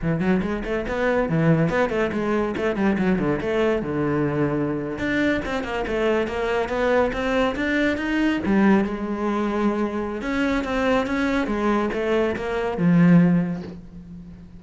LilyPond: \new Staff \with { instrumentName = "cello" } { \time 4/4 \tempo 4 = 141 e8 fis8 gis8 a8 b4 e4 | b8 a8 gis4 a8 g8 fis8 d8 | a4 d2~ d8. d'16~ | d'8. c'8 ais8 a4 ais4 b16~ |
b8. c'4 d'4 dis'4 g16~ | g8. gis2.~ gis16 | cis'4 c'4 cis'4 gis4 | a4 ais4 f2 | }